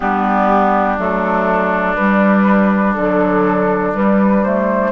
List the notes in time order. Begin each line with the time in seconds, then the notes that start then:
0.00 G3 B3 D4 G4
0.98 F#3 A3 A4
1.95 G3 B4
2.94 D3 F#3 A4
3.93 G3 B4
4.43 A3 C5